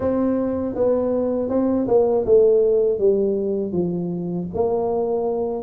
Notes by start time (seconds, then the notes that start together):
0.00 C4
0.74 B3
1.49 C4
1.87 A#3
2.25 A3
2.98 G3
3.72 F3
4.53 A#3